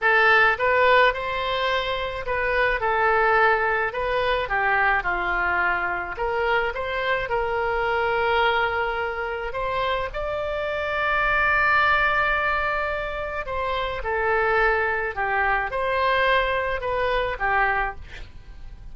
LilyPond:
\new Staff \with { instrumentName = "oboe" } { \time 4/4 \tempo 4 = 107 a'4 b'4 c''2 | b'4 a'2 b'4 | g'4 f'2 ais'4 | c''4 ais'2.~ |
ais'4 c''4 d''2~ | d''1 | c''4 a'2 g'4 | c''2 b'4 g'4 | }